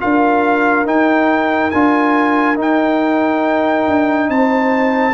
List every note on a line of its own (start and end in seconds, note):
0.00 0.86 D4
0.00 0.85 F4
0.00 4.30 A#4
0.00 0.86 F5
0.85 1.71 D#4
0.85 1.71 G5
1.71 2.58 D4
1.71 2.56 F4
1.71 2.56 G#5
2.56 5.13 D#4
2.56 3.87 D#4
2.62 4.30 G5
3.87 4.29 D4
4.29 5.13 C4
4.29 5.13 C5
4.29 5.13 A5